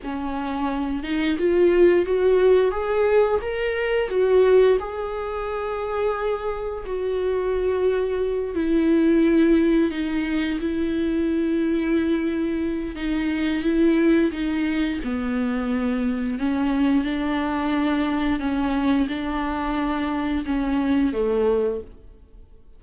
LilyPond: \new Staff \with { instrumentName = "viola" } { \time 4/4 \tempo 4 = 88 cis'4. dis'8 f'4 fis'4 | gis'4 ais'4 fis'4 gis'4~ | gis'2 fis'2~ | fis'8 e'2 dis'4 e'8~ |
e'2. dis'4 | e'4 dis'4 b2 | cis'4 d'2 cis'4 | d'2 cis'4 a4 | }